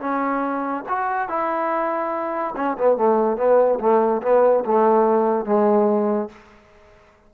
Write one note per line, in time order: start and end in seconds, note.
0.00 0.84 C#4
0.88 1.28 F#4
1.28 2.54 E4
2.56 2.77 C#4
2.77 2.97 B3
2.97 3.37 A3
3.37 3.79 B3
3.79 4.21 A3
4.22 4.64 B3
4.65 5.45 A3
5.45 6.29 G#3